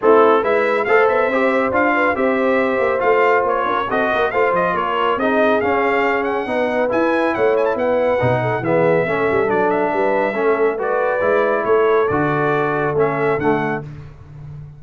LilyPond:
<<
  \new Staff \with { instrumentName = "trumpet" } { \time 4/4 \tempo 4 = 139 a'4 e''4 f''8 e''4. | f''4 e''2 f''4 | cis''4 dis''4 f''8 dis''8 cis''4 | dis''4 f''4. fis''4. |
gis''4 fis''8 gis''16 a''16 fis''2 | e''2 d''8 e''4.~ | e''4 d''2 cis''4 | d''2 e''4 fis''4 | }
  \new Staff \with { instrumentName = "horn" } { \time 4/4 e'4 b'4 c''2~ | c''8 b'8 c''2.~ | c''8 ais'8 a'8 ais'8 c''4 ais'4 | gis'2. b'4~ |
b'4 cis''4 b'4. a'8 | gis'4 a'2 b'4 | a'4 b'2 a'4~ | a'1 | }
  \new Staff \with { instrumentName = "trombone" } { \time 4/4 c'4 e'4 a'4 g'4 | f'4 g'2 f'4~ | f'4 fis'4 f'2 | dis'4 cis'2 dis'4 |
e'2. dis'4 | b4 cis'4 d'2 | cis'4 fis'4 e'2 | fis'2 cis'4 a4 | }
  \new Staff \with { instrumentName = "tuba" } { \time 4/4 a4 gis4 a8 b8 c'4 | d'4 c'4. ais8 a4 | ais8 cis'8 c'8 ais8 a8 f8 ais4 | c'4 cis'2 b4 |
e'4 a4 b4 b,4 | e4 a8 g8 fis4 g4 | a2 gis4 a4 | d2 a4 d4 | }
>>